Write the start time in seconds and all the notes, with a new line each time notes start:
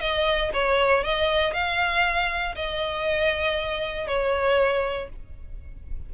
0.00 D#5
0.53 C#5
1.04 D#5
1.53 F5
2.55 D#5
4.07 C#5